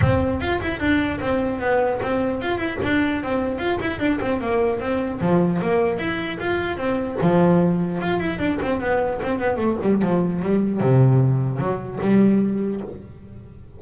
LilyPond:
\new Staff \with { instrumentName = "double bass" } { \time 4/4 \tempo 4 = 150 c'4 f'8 e'8 d'4 c'4 | b4 c'4 f'8 e'8 d'4 | c'4 f'8 e'8 d'8 c'8 ais4 | c'4 f4 ais4 e'4 |
f'4 c'4 f2 | f'8 e'8 d'8 c'8 b4 c'8 b8 | a8 g8 f4 g4 c4~ | c4 fis4 g2 | }